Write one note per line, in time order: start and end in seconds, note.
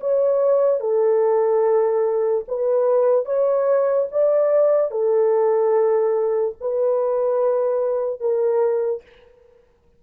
0.00 0.80 C#5
0.80 2.44 A4
2.48 3.25 B4
3.25 4.07 C#5
4.11 4.91 D5
4.91 6.55 A4
6.61 8.20 B4
8.20 9.02 A#4